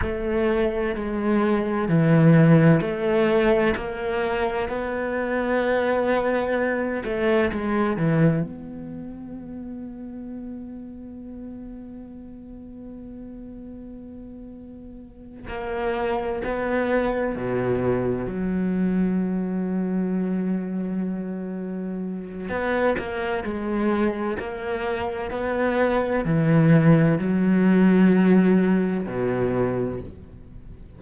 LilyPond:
\new Staff \with { instrumentName = "cello" } { \time 4/4 \tempo 4 = 64 a4 gis4 e4 a4 | ais4 b2~ b8 a8 | gis8 e8 b2.~ | b1~ |
b8 ais4 b4 b,4 fis8~ | fis1 | b8 ais8 gis4 ais4 b4 | e4 fis2 b,4 | }